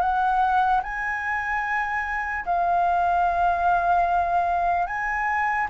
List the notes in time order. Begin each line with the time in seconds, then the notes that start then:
0.00 F#5
0.83 G#5
2.45 F5
4.86 G#5